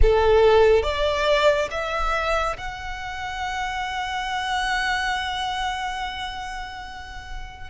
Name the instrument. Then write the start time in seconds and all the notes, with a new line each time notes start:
violin
0.02 A4
0.83 D5
1.71 E5
2.57 F#5